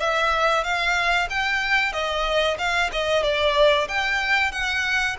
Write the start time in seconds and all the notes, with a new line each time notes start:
0.00 E5
0.64 F5
1.30 G5
1.93 D#5
2.58 F5
2.93 D#5
3.23 D5
3.89 G5
4.52 F#5